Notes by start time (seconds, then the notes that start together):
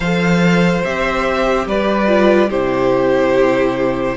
0.00 F3 A4 C5 F5
0.84 C4 G4 E5
1.66 G3 B4 D5
2.07 F4
2.49 C3 E4 G4 C5